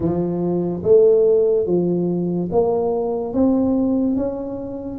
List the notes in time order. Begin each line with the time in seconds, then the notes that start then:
0.00 F3
0.83 A3
1.66 F3
2.51 A#3
3.33 C4
4.17 C#4